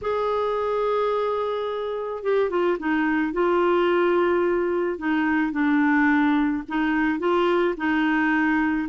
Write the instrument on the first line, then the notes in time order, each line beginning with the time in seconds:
clarinet
0.01 G#4
2.23 G4
2.49 F4
2.79 D#4
3.32 F4
4.98 D#4
5.52 D4
6.68 D#4
7.19 F4
7.77 D#4